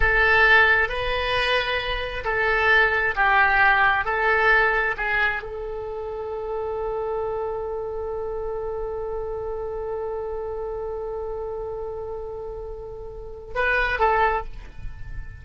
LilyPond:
\new Staff \with { instrumentName = "oboe" } { \time 4/4 \tempo 4 = 133 a'2 b'2~ | b'4 a'2 g'4~ | g'4 a'2 gis'4 | a'1~ |
a'1~ | a'1~ | a'1~ | a'2 b'4 a'4 | }